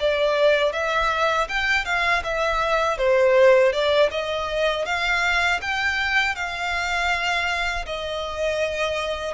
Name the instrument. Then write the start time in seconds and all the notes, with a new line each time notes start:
violin
0.00 D5
0.73 E5
1.49 G5
1.85 F5
2.24 E5
2.98 C5
3.73 D5
4.11 D#5
4.85 F5
5.61 G5
6.36 F5
7.86 D#5